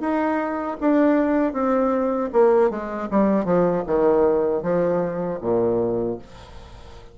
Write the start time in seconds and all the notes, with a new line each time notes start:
0.00 D#4
0.80 D4
1.53 C4
2.32 A#3
2.70 G#3
3.10 G3
3.45 F3
3.86 D#3
4.63 F3
5.41 A#2